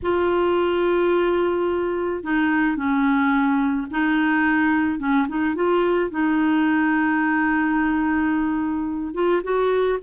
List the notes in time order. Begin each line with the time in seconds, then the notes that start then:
0.02 F4
2.23 D#4
2.76 C#4
3.90 D#4
4.98 C#4
5.28 D#4
5.55 F4
6.10 D#4
9.14 F4
9.43 F#4